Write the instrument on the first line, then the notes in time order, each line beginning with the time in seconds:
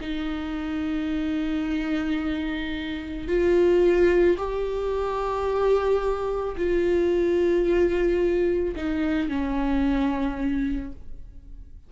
viola
0.00 D#4
3.27 F4
4.37 G4
6.57 F4
8.76 D#4
9.28 C#4